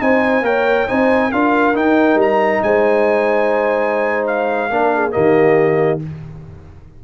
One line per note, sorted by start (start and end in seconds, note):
0.00 0.42 C4
0.00 0.43 D#4
0.00 0.46 C5
0.00 0.45 G#5
0.42 0.86 A#3
0.42 0.87 A#4
0.42 0.89 C#5
0.42 0.89 G5
0.88 1.32 C4
0.88 1.32 D#4
0.88 1.32 C5
0.88 1.32 G#5
1.32 1.76 D4
1.32 1.75 F4
1.32 2.64 A#4
1.32 1.76 F5
1.75 4.70 D#4
1.75 2.15 D#4
1.75 2.20 G5
2.15 2.59 G3
2.21 2.63 A#5
2.63 4.71 G#3
2.63 4.72 C5
2.63 4.27 G#5
4.27 5.12 F5
4.71 5.14 A#3
4.71 5.12 D4
4.71 4.96 A#4
4.96 5.14 G#4
5.12 6.04 D#3
5.12 6.00 A#3
5.12 6.02 G4
5.12 6.00 D#5